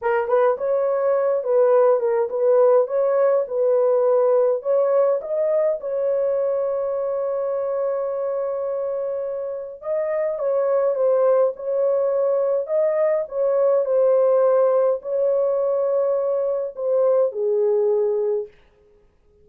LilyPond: \new Staff \with { instrumentName = "horn" } { \time 4/4 \tempo 4 = 104 ais'8 b'8 cis''4. b'4 ais'8 | b'4 cis''4 b'2 | cis''4 dis''4 cis''2~ | cis''1~ |
cis''4 dis''4 cis''4 c''4 | cis''2 dis''4 cis''4 | c''2 cis''2~ | cis''4 c''4 gis'2 | }